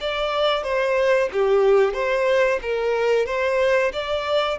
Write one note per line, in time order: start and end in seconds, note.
0.00 0.63 D5
0.63 1.29 C5
1.32 1.93 G4
1.93 2.59 C5
2.62 3.26 A#4
3.26 3.92 C5
3.92 4.58 D5